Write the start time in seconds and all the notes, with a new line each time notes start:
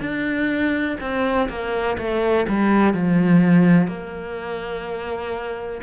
0.00 D4
1.00 C4
1.49 A#3
1.98 A3
2.48 G3
2.93 F3
3.87 A#3